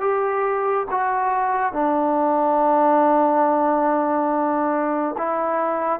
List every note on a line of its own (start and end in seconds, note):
0.00 0.86 G4
0.91 1.73 F#4
1.73 5.15 D4
5.17 6.00 E4